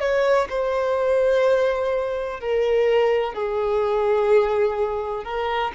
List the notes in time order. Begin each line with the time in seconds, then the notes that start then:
0.00 C#5
0.50 C5
2.40 A#4
3.34 G#4
5.24 A#4